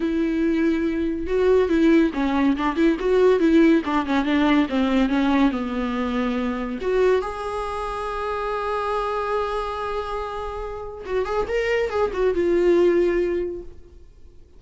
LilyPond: \new Staff \with { instrumentName = "viola" } { \time 4/4 \tempo 4 = 141 e'2. fis'4 | e'4 cis'4 d'8 e'8 fis'4 | e'4 d'8 cis'8 d'4 c'4 | cis'4 b2. |
fis'4 gis'2.~ | gis'1~ | gis'2 fis'8 gis'8 ais'4 | gis'8 fis'8 f'2. | }